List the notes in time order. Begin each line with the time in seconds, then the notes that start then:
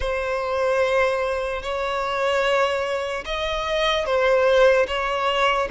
0.00 C5
1.62 C#5
3.25 D#5
4.05 C5
4.87 C#5